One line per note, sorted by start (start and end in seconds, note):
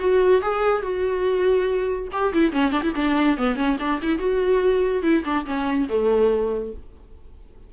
0.00 0.42 F#4
0.42 0.83 G#4
0.83 2.08 F#4
2.13 2.34 G4
2.34 2.53 E4
2.53 2.72 C#4
2.72 2.83 D4
2.83 2.93 E4
2.96 3.38 D4
3.38 3.56 B3
3.56 3.77 C#4
3.80 4.01 D4
4.03 4.19 E4
4.19 5.03 F#4
5.03 5.24 E4
5.25 5.46 D4
5.46 5.88 C#4
5.89 6.73 A3